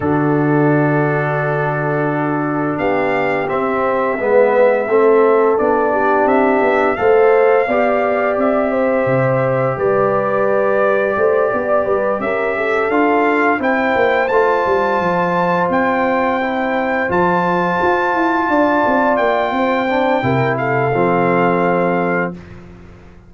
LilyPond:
<<
  \new Staff \with { instrumentName = "trumpet" } { \time 4/4 \tempo 4 = 86 a'1 | f''4 e''2. | d''4 e''4 f''2 | e''2 d''2~ |
d''4. e''4 f''4 g''8~ | g''8 a''2 g''4.~ | g''8 a''2. g''8~ | g''4. f''2~ f''8 | }
  \new Staff \with { instrumentName = "horn" } { \time 4/4 fis'1 | g'2 b'4 a'4~ | a'8 g'4. c''4 d''4~ | d''8 c''4. b'2 |
c''8 d''8 b'8 ais'8 a'4. c''8~ | c''1~ | c''2~ c''8 d''4. | c''4 ais'8 a'2~ a'8 | }
  \new Staff \with { instrumentName = "trombone" } { \time 4/4 d'1~ | d'4 c'4 b4 c'4 | d'2 a'4 g'4~ | g'1~ |
g'2~ g'8 f'4 e'8~ | e'8 f'2. e'8~ | e'8 f'2.~ f'8~ | f'8 d'8 e'4 c'2 | }
  \new Staff \with { instrumentName = "tuba" } { \time 4/4 d1 | b4 c'4 gis4 a4 | b4 c'8 b8 a4 b4 | c'4 c4 g2 |
a8 b8 g8 cis'4 d'4 c'8 | ais8 a8 g8 f4 c'4.~ | c'8 f4 f'8 e'8 d'8 c'8 ais8 | c'4 c4 f2 | }
>>